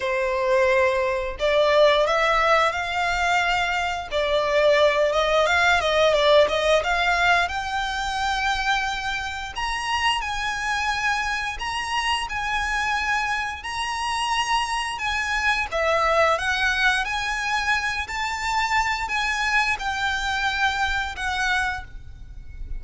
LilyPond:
\new Staff \with { instrumentName = "violin" } { \time 4/4 \tempo 4 = 88 c''2 d''4 e''4 | f''2 d''4. dis''8 | f''8 dis''8 d''8 dis''8 f''4 g''4~ | g''2 ais''4 gis''4~ |
gis''4 ais''4 gis''2 | ais''2 gis''4 e''4 | fis''4 gis''4. a''4. | gis''4 g''2 fis''4 | }